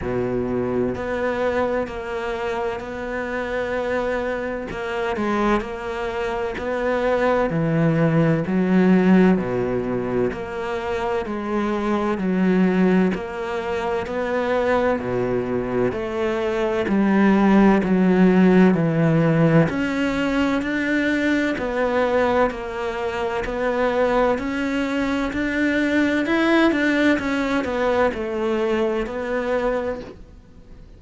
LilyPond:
\new Staff \with { instrumentName = "cello" } { \time 4/4 \tempo 4 = 64 b,4 b4 ais4 b4~ | b4 ais8 gis8 ais4 b4 | e4 fis4 b,4 ais4 | gis4 fis4 ais4 b4 |
b,4 a4 g4 fis4 | e4 cis'4 d'4 b4 | ais4 b4 cis'4 d'4 | e'8 d'8 cis'8 b8 a4 b4 | }